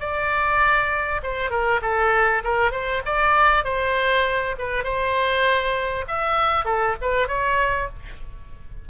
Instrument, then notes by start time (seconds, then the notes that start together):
oboe
0.00 D5
1.23 C5
1.50 A#4
1.82 A4
2.44 A#4
2.72 C5
3.06 D5
3.65 C5
4.59 B4
4.84 C5
6.08 E5
6.66 A4
7.02 B4
7.28 C#5